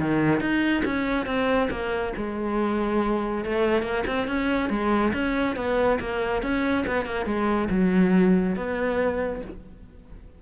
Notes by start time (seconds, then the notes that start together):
0.00 D#3
0.41 D#4
0.85 C#4
1.26 C4
1.71 A#3
2.17 G#3
3.45 A3
3.83 A#3
4.07 C4
4.27 C#4
4.70 G#3
5.14 C#4
5.56 B3
6.00 A#3
6.43 C#4
6.87 B3
7.06 A#3
7.26 G#3
7.71 F#3
8.57 B3